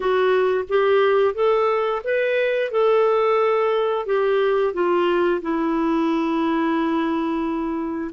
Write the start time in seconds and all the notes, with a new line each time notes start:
0.00 F#4
0.69 G4
1.34 A4
2.04 B4
2.71 A4
4.06 G4
4.73 F4
5.41 E4